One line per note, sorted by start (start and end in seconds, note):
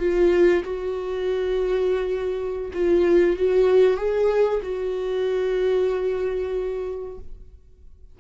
0.00 0.64 F4
0.64 2.72 F#4
2.74 3.37 F4
3.37 3.97 F#4
3.97 4.61 G#4
4.63 7.18 F#4